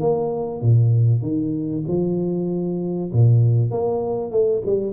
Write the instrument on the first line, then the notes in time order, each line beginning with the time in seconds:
tuba
0.00 A#3
0.62 A#2
1.22 D#3
1.88 F3
3.13 A#2
3.71 A#3
4.31 A3
4.65 G3